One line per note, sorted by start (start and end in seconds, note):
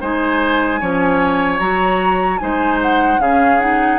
0.00 0.81 G#3
0.00 0.80 D#4
0.00 0.80 C5
0.00 1.59 G#5
0.80 1.59 F3
0.80 1.60 C#4
0.80 2.40 C#5
1.59 2.39 F#3
1.59 2.39 F#4
1.59 2.38 A#5
2.38 3.18 G#3
2.38 3.19 D#4
2.38 3.21 C5
2.38 2.78 G#5
2.82 3.20 F#5
3.18 3.98 C#3
3.18 3.60 C#4
3.18 3.98 G#4
3.18 3.59 F5
3.59 3.98 D#4
3.59 3.98 F#5